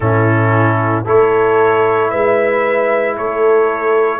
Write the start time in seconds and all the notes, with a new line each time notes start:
0.00 A2 C#4 E4 A4
1.04 A3 E4 A4 C#5
2.10 G#3 B4 E5
3.16 A3 A4 C#5